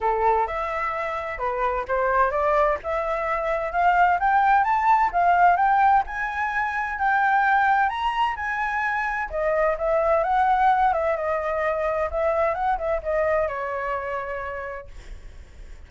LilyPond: \new Staff \with { instrumentName = "flute" } { \time 4/4 \tempo 4 = 129 a'4 e''2 b'4 | c''4 d''4 e''2 | f''4 g''4 a''4 f''4 | g''4 gis''2 g''4~ |
g''4 ais''4 gis''2 | dis''4 e''4 fis''4. e''8 | dis''2 e''4 fis''8 e''8 | dis''4 cis''2. | }